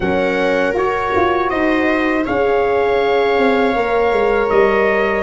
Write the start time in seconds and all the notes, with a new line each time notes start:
0.00 F#3 C#4 A#4 F#5
0.74 F#4 C#5
1.15 F4
1.49 D#4 C5 D#5
2.24 C#4 G#4 C#5 F5
3.38 C4
3.75 A#3 A#4
4.11 G#3
4.49 G3 D#5